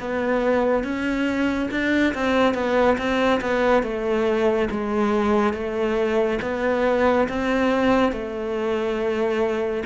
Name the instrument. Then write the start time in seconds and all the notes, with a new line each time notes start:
cello
0.00 B3
0.84 C#4
1.71 D4
2.14 C4
2.54 B3
2.98 C4
3.41 B3
3.83 A3
4.71 G#3
5.53 A3
6.42 B3
7.29 C4
8.12 A3